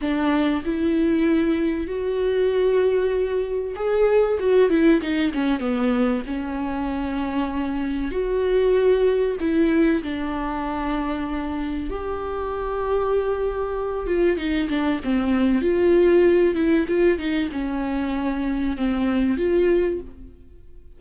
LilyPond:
\new Staff \with { instrumentName = "viola" } { \time 4/4 \tempo 4 = 96 d'4 e'2 fis'4~ | fis'2 gis'4 fis'8 e'8 | dis'8 cis'8 b4 cis'2~ | cis'4 fis'2 e'4 |
d'2. g'4~ | g'2~ g'8 f'8 dis'8 d'8 | c'4 f'4. e'8 f'8 dis'8 | cis'2 c'4 f'4 | }